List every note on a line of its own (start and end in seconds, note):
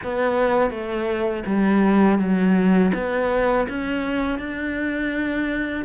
0.03 0.70 B3
0.70 1.43 A3
1.46 2.19 G3
2.19 2.92 F#3
2.94 3.67 B3
3.69 4.39 C#4
4.39 5.85 D4